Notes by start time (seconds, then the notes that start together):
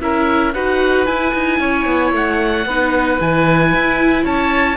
0.00 C#4 E4 A#4 E5
0.53 D#4 F#4 B4 F#5
1.06 E4 G#5
1.34 D#4
1.59 C#4 C#5
1.86 B3
2.12 A3 F#5
2.65 B3 D#4 B4
3.18 E3 E4 G#5
3.74 E4
4.24 C#4 C#5 A5